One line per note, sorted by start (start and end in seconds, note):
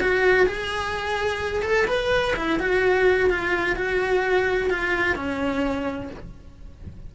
0.00 0.46 F#4
0.46 1.62 G#4
1.62 1.86 A4
1.87 2.34 B4
2.36 2.59 E4
2.59 3.30 F#4
3.30 3.76 F4
3.76 4.70 F#4
4.70 5.15 F4
5.15 6.09 C#4